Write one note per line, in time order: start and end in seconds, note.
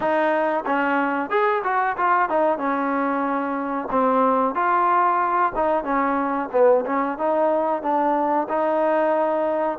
0.00 0.64 D#4
0.66 1.30 C#4
1.30 1.62 G#4
1.63 1.96 F#4
1.97 2.29 F4
2.29 2.58 D#4
2.58 3.88 C#4
3.90 4.54 C4
4.54 5.52 F4
5.55 5.84 D#4
5.84 6.49 C#4
6.52 6.84 B3
6.85 7.18 C#4
7.18 7.82 D#4
7.82 8.47 D4
8.48 9.78 D#4